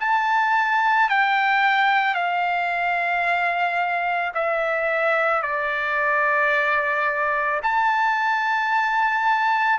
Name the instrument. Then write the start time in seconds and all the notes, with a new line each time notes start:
trumpet
0.00 A5
1.09 G5
2.14 F5
4.34 E5
5.42 D5
7.63 A5